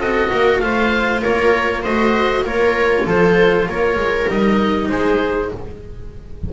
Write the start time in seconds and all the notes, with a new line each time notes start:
0.00 C4 F#4 A4 D#5
0.31 A#3 A#4
0.60 A3 F4 C5 F5
1.22 A#3 A#4 C#5
1.83 A3 F#4 C5 D#5
2.44 A#3 F4 A#4 C#5
3.06 F3 A4 C5
3.68 A#3 A#4 C#5
3.96 G#3
4.29 G3 D#4 D#5
4.89 G#3 G#4 C5